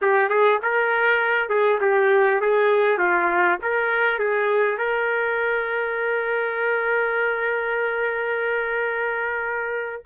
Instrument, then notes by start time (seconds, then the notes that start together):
trumpet
0.01 G4
0.29 G#4
0.62 A#4
1.49 G#4
1.80 G4
2.40 G#4
2.98 F4
3.62 A#4
4.18 G#4
4.78 A#4